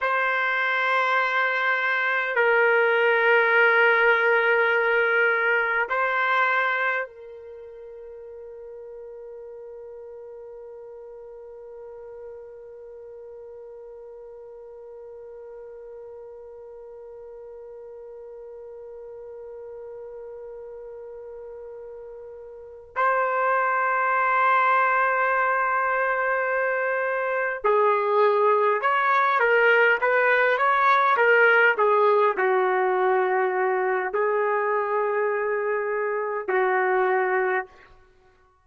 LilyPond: \new Staff \with { instrumentName = "trumpet" } { \time 4/4 \tempo 4 = 51 c''2 ais'2~ | ais'4 c''4 ais'2~ | ais'1~ | ais'1~ |
ais'2.~ ais'8 c''8~ | c''2.~ c''8 gis'8~ | gis'8 cis''8 ais'8 b'8 cis''8 ais'8 gis'8 fis'8~ | fis'4 gis'2 fis'4 | }